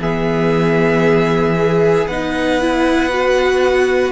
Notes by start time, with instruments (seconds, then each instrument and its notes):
0.00 cello E3, viola B3, violin G#4 E5
1.59 viola G#4
2.07 cello B3, viola D#4, violin B4 F#5
2.61 viola E4
3.09 viola F#4